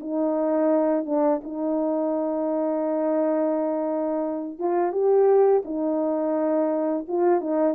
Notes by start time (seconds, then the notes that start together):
0.00 D#4
1.06 D4
1.43 D#4
4.59 F4
4.92 G4
5.64 D#4
7.08 F4
7.41 D#4